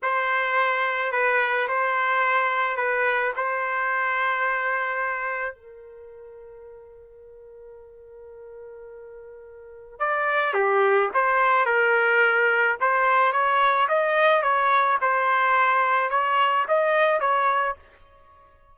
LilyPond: \new Staff \with { instrumentName = "trumpet" } { \time 4/4 \tempo 4 = 108 c''2 b'4 c''4~ | c''4 b'4 c''2~ | c''2 ais'2~ | ais'1~ |
ais'2 d''4 g'4 | c''4 ais'2 c''4 | cis''4 dis''4 cis''4 c''4~ | c''4 cis''4 dis''4 cis''4 | }